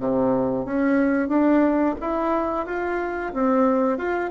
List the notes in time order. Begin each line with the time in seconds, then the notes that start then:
0.00 C3
0.65 C#4
1.28 D4
2.01 E4
2.66 F4
3.34 C4
3.98 F4